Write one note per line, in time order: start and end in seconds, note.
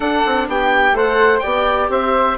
0.00 0.22 D4
0.00 0.93 D4
0.00 0.46 A4
0.00 0.47 F#5
0.25 0.48 C4
0.48 0.92 B3
0.48 0.95 G4
0.48 0.97 G5
0.92 1.39 A3
0.92 1.41 A4
0.92 1.42 C5
0.92 1.39 F#5
1.39 1.89 B3
1.39 2.37 G4
1.39 1.90 D5
1.39 1.86 G5
1.89 2.36 C4
1.89 2.37 C5
1.89 2.37 E5